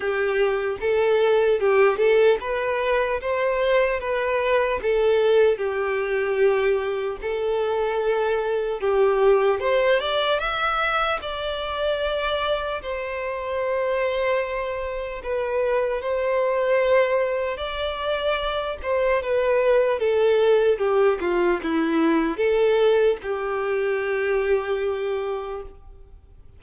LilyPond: \new Staff \with { instrumentName = "violin" } { \time 4/4 \tempo 4 = 75 g'4 a'4 g'8 a'8 b'4 | c''4 b'4 a'4 g'4~ | g'4 a'2 g'4 | c''8 d''8 e''4 d''2 |
c''2. b'4 | c''2 d''4. c''8 | b'4 a'4 g'8 f'8 e'4 | a'4 g'2. | }